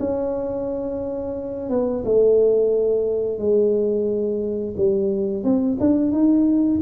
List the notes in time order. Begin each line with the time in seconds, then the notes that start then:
0.00 C#4
1.70 B3
2.05 A3
3.39 G#3
4.77 G3
5.44 C4
5.80 D4
6.12 D#4